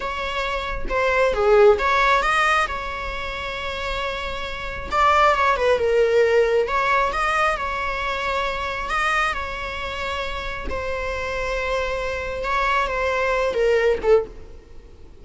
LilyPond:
\new Staff \with { instrumentName = "viola" } { \time 4/4 \tempo 4 = 135 cis''2 c''4 gis'4 | cis''4 dis''4 cis''2~ | cis''2. d''4 | cis''8 b'8 ais'2 cis''4 |
dis''4 cis''2. | dis''4 cis''2. | c''1 | cis''4 c''4. ais'4 a'8 | }